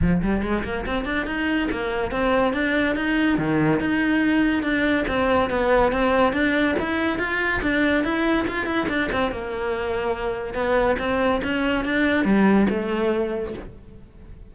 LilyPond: \new Staff \with { instrumentName = "cello" } { \time 4/4 \tempo 4 = 142 f8 g8 gis8 ais8 c'8 d'8 dis'4 | ais4 c'4 d'4 dis'4 | dis4 dis'2 d'4 | c'4 b4 c'4 d'4 |
e'4 f'4 d'4 e'4 | f'8 e'8 d'8 c'8 ais2~ | ais4 b4 c'4 cis'4 | d'4 g4 a2 | }